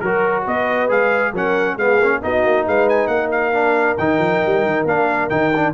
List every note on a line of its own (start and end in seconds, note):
0.00 0.46 F#3
0.00 0.89 F#4
0.00 0.44 A#4
0.44 0.90 B3
0.44 1.32 B4
0.44 0.91 D#5
0.89 1.33 G#3
0.89 1.33 G#4
0.89 1.35 F5
1.33 1.77 F#3
1.33 1.79 C#4
1.33 1.75 A#4
1.33 1.78 F#5
1.75 1.99 G#3
1.75 2.01 B3
1.75 2.19 G#4
1.75 2.22 F5
1.99 2.21 A#3
1.99 2.22 C#4
2.22 2.45 B3
2.22 3.53 D#4
2.22 2.66 F#4
2.22 2.67 D#5
2.45 2.67 A#3
2.66 3.07 G#3
2.66 3.10 B4
2.66 2.89 F5
2.89 3.07 G#5
3.07 3.95 A#3
3.07 5.74 A#4
3.07 3.29 F#5
3.31 3.98 F5
3.53 3.97 D4
3.98 4.19 D#3
3.98 4.88 D#4
3.98 4.86 G5
4.19 4.41 F3
4.46 4.66 G3
4.66 4.85 D#3
4.85 5.29 A#3
4.85 5.30 D4
4.85 5.29 F5
5.29 5.74 D#3
5.29 5.52 D#4
5.29 5.73 G5
5.56 5.74 D4